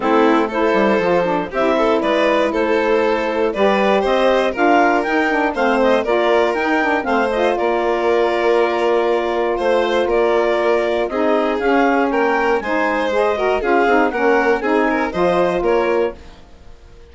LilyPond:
<<
  \new Staff \with { instrumentName = "clarinet" } { \time 4/4 \tempo 4 = 119 a'4 c''2 e''4 | d''4 c''2 d''4 | dis''4 f''4 g''4 f''8 dis''8 | d''4 g''4 f''8 dis''8 d''4~ |
d''2. c''4 | d''2 dis''4 f''4 | g''4 gis''4 dis''4 f''4 | fis''4 gis''4 dis''4 cis''4 | }
  \new Staff \with { instrumentName = "violin" } { \time 4/4 e'4 a'2 g'8 a'8 | b'4 a'2 b'4 | c''4 ais'2 c''4 | ais'2 c''4 ais'4~ |
ais'2. c''4 | ais'2 gis'2 | ais'4 c''4. ais'8 gis'4 | ais'4 gis'8 ais'8 c''4 ais'4 | }
  \new Staff \with { instrumentName = "saxophone" } { \time 4/4 c'4 e'4 f'8 d'8 e'4~ | e'2. g'4~ | g'4 f'4 dis'8 d'8 c'4 | f'4 dis'8 d'8 c'8 f'4.~ |
f'1~ | f'2 dis'4 cis'4~ | cis'4 dis'4 gis'8 fis'8 f'8 dis'8 | cis'4 dis'4 f'2 | }
  \new Staff \with { instrumentName = "bassoon" } { \time 4/4 a4. g8 f4 c'4 | gis4 a2 g4 | c'4 d'4 dis'4 a4 | ais4 dis'4 a4 ais4~ |
ais2. a4 | ais2 c'4 cis'4 | ais4 gis2 cis'8 c'8 | ais4 c'4 f4 ais4 | }
>>